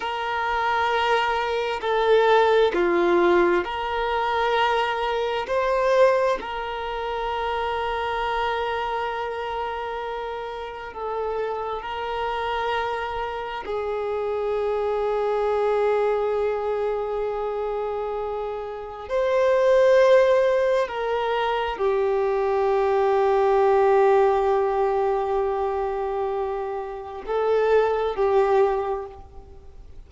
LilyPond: \new Staff \with { instrumentName = "violin" } { \time 4/4 \tempo 4 = 66 ais'2 a'4 f'4 | ais'2 c''4 ais'4~ | ais'1 | a'4 ais'2 gis'4~ |
gis'1~ | gis'4 c''2 ais'4 | g'1~ | g'2 a'4 g'4 | }